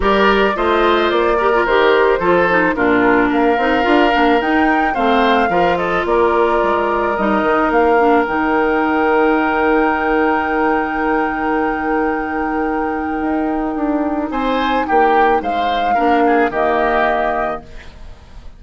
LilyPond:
<<
  \new Staff \with { instrumentName = "flute" } { \time 4/4 \tempo 4 = 109 d''4 dis''4 d''4 c''4~ | c''4 ais'4 f''2 | g''4 f''4. dis''8 d''4~ | d''4 dis''4 f''4 g''4~ |
g''1~ | g''1~ | g''2 gis''4 g''4 | f''2 dis''2 | }
  \new Staff \with { instrumentName = "oboe" } { \time 4/4 ais'4 c''4. ais'4. | a'4 f'4 ais'2~ | ais'4 c''4 ais'8 a'8 ais'4~ | ais'1~ |
ais'1~ | ais'1~ | ais'2 c''4 g'4 | c''4 ais'8 gis'8 g'2 | }
  \new Staff \with { instrumentName = "clarinet" } { \time 4/4 g'4 f'4. g'16 f'16 g'4 | f'8 dis'8 d'4. dis'8 f'8 d'8 | dis'4 c'4 f'2~ | f'4 dis'4. d'8 dis'4~ |
dis'1~ | dis'1~ | dis'1~ | dis'4 d'4 ais2 | }
  \new Staff \with { instrumentName = "bassoon" } { \time 4/4 g4 a4 ais4 dis4 | f4 ais,4 ais8 c'8 d'8 ais8 | dis'4 a4 f4 ais4 | gis4 g8 dis8 ais4 dis4~ |
dis1~ | dis1 | dis'4 d'4 c'4 ais4 | gis4 ais4 dis2 | }
>>